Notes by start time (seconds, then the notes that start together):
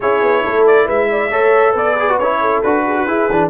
0.00 C#4 E4 G#4 C#5
0.21 B3
0.43 A3 A4
0.66 D5
0.85 G#3 B4 E5
1.10 D5
1.30 A3 A4 C#5
1.72 B3 B4 D5
1.99 G#4
2.09 F#4
2.18 C#4 E4 C#5
2.40 A4
2.62 D4 F#4 B4
2.86 G#4
2.96 F#4
3.06 E4 G#4
3.30 E3 D4